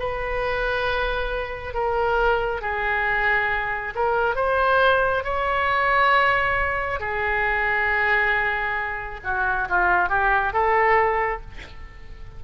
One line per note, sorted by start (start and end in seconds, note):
0.00 1.74 B4
1.74 2.62 A#4
2.62 3.94 G#4
3.95 4.36 A#4
4.36 5.24 C5
5.24 7.00 C#5
7.00 9.21 G#4
9.24 9.69 F#4
9.69 10.09 F4
10.09 10.53 G4
10.53 11.41 A4